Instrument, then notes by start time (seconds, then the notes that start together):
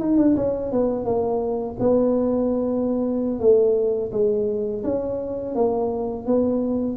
tuba
0.00 D#4
0.18 D4
0.36 C#4
0.72 B3
1.05 A#3
1.80 B3
3.40 A3
4.12 G#3
4.84 C#4
5.55 A#3
6.26 B3